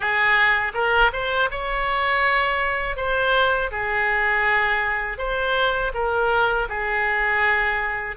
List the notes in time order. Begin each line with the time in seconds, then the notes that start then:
0.00 G#4
0.74 A#4
1.12 C5
1.51 C#5
2.96 C5
3.71 G#4
5.18 C5
5.94 A#4
6.68 G#4